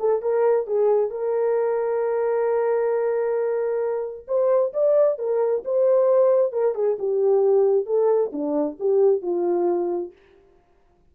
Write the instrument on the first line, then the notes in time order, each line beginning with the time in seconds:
horn
0.00 A4
0.22 A#4
0.67 G#4
1.11 A#4
4.28 C5
4.74 D5
5.19 A#4
5.65 C5
6.53 A#4
6.75 G#4
6.99 G4
7.86 A4
8.33 D4
8.80 G4
9.23 F4